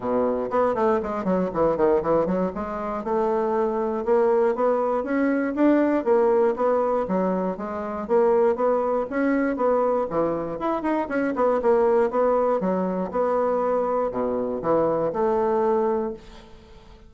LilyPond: \new Staff \with { instrumentName = "bassoon" } { \time 4/4 \tempo 4 = 119 b,4 b8 a8 gis8 fis8 e8 dis8 | e8 fis8 gis4 a2 | ais4 b4 cis'4 d'4 | ais4 b4 fis4 gis4 |
ais4 b4 cis'4 b4 | e4 e'8 dis'8 cis'8 b8 ais4 | b4 fis4 b2 | b,4 e4 a2 | }